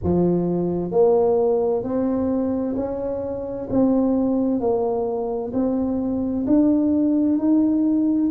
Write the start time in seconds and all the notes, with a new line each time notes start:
0.03 F3
0.91 A#3
1.83 C4
2.76 C#4
3.69 C4
4.60 A#3
5.53 C4
6.47 D4
7.38 D#4